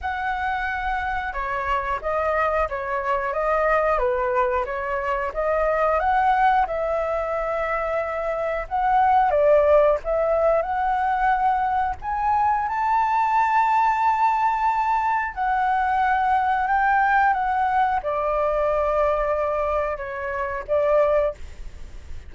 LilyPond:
\new Staff \with { instrumentName = "flute" } { \time 4/4 \tempo 4 = 90 fis''2 cis''4 dis''4 | cis''4 dis''4 b'4 cis''4 | dis''4 fis''4 e''2~ | e''4 fis''4 d''4 e''4 |
fis''2 gis''4 a''4~ | a''2. fis''4~ | fis''4 g''4 fis''4 d''4~ | d''2 cis''4 d''4 | }